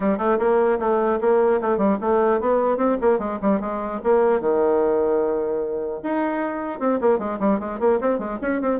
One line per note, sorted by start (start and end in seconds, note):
0.00 0.17 G3
0.17 0.37 A3
0.39 0.79 A#3
0.79 1.19 A3
1.20 1.60 A#3
1.61 1.77 A3
1.77 1.97 G3
2.01 2.40 A3
2.40 2.77 B3
2.77 2.97 C4
3.01 3.18 A#3
3.18 3.38 G#3
3.41 3.60 G3
3.60 4.00 G#3
4.03 4.40 A#3
4.40 6.00 D#3
6.03 6.79 D#4
6.79 6.99 C4
7.00 7.18 A#3
7.18 7.38 G#3
7.39 7.59 G3
7.59 7.79 G#3
7.79 7.99 A#3
8.01 8.18 C4
8.18 8.38 G#3
8.41 8.61 C#4
8.61 8.79 C4